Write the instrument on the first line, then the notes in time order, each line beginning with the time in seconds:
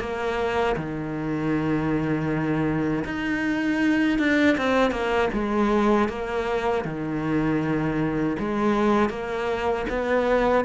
cello
0.00 A#3
0.77 D#3
3.05 D#4
4.19 D4
4.57 C4
4.91 A#3
5.33 G#3
6.09 A#3
6.85 D#3
8.39 G#3
9.10 A#3
9.90 B3